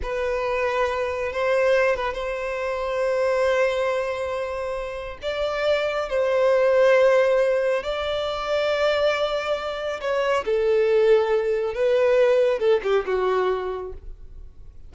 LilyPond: \new Staff \with { instrumentName = "violin" } { \time 4/4 \tempo 4 = 138 b'2. c''4~ | c''8 b'8 c''2.~ | c''1 | d''2 c''2~ |
c''2 d''2~ | d''2. cis''4 | a'2. b'4~ | b'4 a'8 g'8 fis'2 | }